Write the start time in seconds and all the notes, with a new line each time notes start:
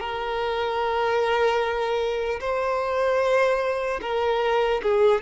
0.00 A#4
2.40 C5
4.01 A#4
4.83 G#4